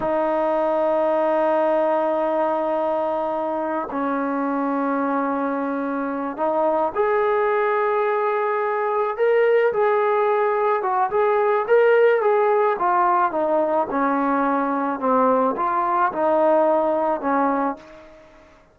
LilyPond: \new Staff \with { instrumentName = "trombone" } { \time 4/4 \tempo 4 = 108 dis'1~ | dis'2. cis'4~ | cis'2.~ cis'8 dis'8~ | dis'8 gis'2.~ gis'8~ |
gis'8 ais'4 gis'2 fis'8 | gis'4 ais'4 gis'4 f'4 | dis'4 cis'2 c'4 | f'4 dis'2 cis'4 | }